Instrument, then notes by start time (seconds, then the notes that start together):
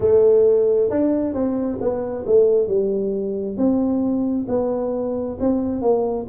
tuba
0.00 A3
0.90 D4
1.34 C4
1.80 B3
2.26 A3
2.67 G3
3.57 C4
4.48 B3
5.40 C4
5.81 A#3